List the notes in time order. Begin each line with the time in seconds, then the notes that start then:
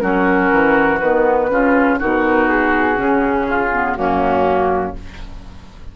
0.00 F#3 C#4 F#4 A#4
0.51 E3
0.99 D#3 B3 B4
1.49 C#3 C#4 F4
1.99 B2 D#4 F#4 A#4
2.49 G#4
2.95 C#3 C#4
3.48 F4
3.72 B3
3.94 F#2 A#3 C#4 F#4